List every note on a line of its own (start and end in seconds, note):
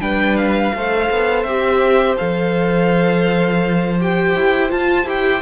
0.00 0.72 G3
0.00 0.73 D4
0.00 0.74 B4
0.00 0.36 G5
0.36 1.43 F5
0.74 1.10 A3
0.74 1.47 A4
0.74 5.42 C5
1.10 1.44 B3
1.43 2.16 C4
1.43 2.16 G4
1.43 2.15 E5
2.16 4.35 F3
2.16 3.97 A4
2.16 3.98 F5
3.99 4.69 G4
3.99 4.71 G5
4.35 4.71 E4
4.69 5.05 F4
4.69 5.04 F4
4.69 5.07 A5
5.04 5.40 E4
5.04 5.42 G4
5.04 5.42 G5